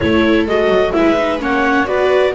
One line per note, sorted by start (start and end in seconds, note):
0.00 0.46 A3
0.00 0.47 E4
0.00 0.96 A4
0.00 0.46 C#5
0.46 0.68 G#3
0.46 0.93 F#4
0.46 0.92 D#5
0.68 0.91 F#3
0.92 1.40 G#3
0.92 1.16 E4
0.92 1.42 B4
0.92 1.39 E5
1.17 1.39 D#4
1.39 1.87 A#3
1.39 1.85 C#4
1.39 1.87 C#5
1.39 1.86 F#5
1.85 2.34 B3
1.85 2.32 F#4
1.85 2.34 B4
1.85 2.33 D5